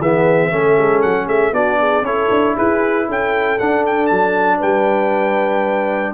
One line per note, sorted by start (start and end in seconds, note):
0.00 0.51 E3
0.00 0.51 B3
0.00 0.51 G#4
0.00 1.02 E5
0.51 0.78 A3
0.51 1.54 C#4
0.51 1.26 A4
0.79 1.04 G#3
1.02 1.28 F#3
1.02 1.28 F#5
1.26 1.53 A3
1.26 1.52 G#4
1.26 1.54 E5
1.53 2.02 B3
1.53 2.05 D4
1.53 1.79 F#4
1.53 2.05 D5
1.80 2.05 G#4
2.02 2.28 C#4
2.02 3.60 E4
2.02 2.56 A4
2.02 2.57 C#5
2.31 2.57 D4
2.56 3.09 E4
2.56 3.07 G#4
2.56 3.09 B4
3.08 3.60 C#4
3.08 4.58 A4
3.08 3.59 G5
3.59 6.15 D4
3.59 4.11 D4
3.59 3.85 F#5
3.87 4.07 G5
4.07 4.62 F#3
4.07 4.58 A5
4.58 6.15 G3
4.58 6.12 B4
4.58 6.15 G5